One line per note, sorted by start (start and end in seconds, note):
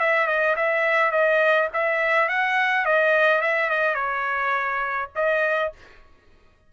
0.00 0.27 E5
0.27 0.55 D#5
0.56 1.11 E5
1.11 1.68 D#5
1.73 2.29 E5
2.29 2.85 F#5
2.85 3.41 D#5
3.41 3.70 E5
3.70 3.95 D#5
3.95 5.09 C#5
5.15 5.72 D#5